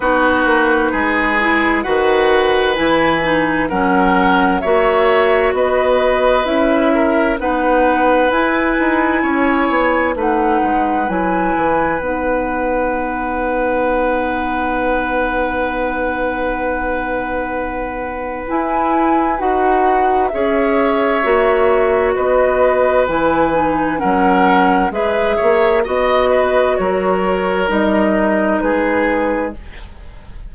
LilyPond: <<
  \new Staff \with { instrumentName = "flute" } { \time 4/4 \tempo 4 = 65 b'2 fis''4 gis''4 | fis''4 e''4 dis''4 e''4 | fis''4 gis''2 fis''4 | gis''4 fis''2.~ |
fis''1 | gis''4 fis''4 e''2 | dis''4 gis''4 fis''4 e''4 | dis''4 cis''4 dis''4 b'4 | }
  \new Staff \with { instrumentName = "oboe" } { \time 4/4 fis'4 gis'4 b'2 | ais'4 cis''4 b'4. ais'8 | b'2 cis''4 b'4~ | b'1~ |
b'1~ | b'2 cis''2 | b'2 ais'4 b'8 cis''8 | dis''8 b'8 ais'2 gis'4 | }
  \new Staff \with { instrumentName = "clarinet" } { \time 4/4 dis'4. e'8 fis'4 e'8 dis'8 | cis'4 fis'2 e'4 | dis'4 e'2 dis'4 | e'4 dis'2.~ |
dis'1 | e'4 fis'4 gis'4 fis'4~ | fis'4 e'8 dis'8 cis'4 gis'4 | fis'2 dis'2 | }
  \new Staff \with { instrumentName = "bassoon" } { \time 4/4 b8 ais8 gis4 dis4 e4 | fis4 ais4 b4 cis'4 | b4 e'8 dis'8 cis'8 b8 a8 gis8 | fis8 e8 b2.~ |
b1 | e'4 dis'4 cis'4 ais4 | b4 e4 fis4 gis8 ais8 | b4 fis4 g4 gis4 | }
>>